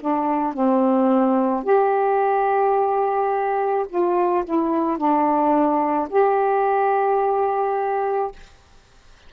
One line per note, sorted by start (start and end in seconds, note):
0.00 0.53 D4
0.53 1.64 C4
1.64 3.86 G4
3.89 4.44 F4
4.45 4.97 E4
4.97 6.09 D4
6.10 8.32 G4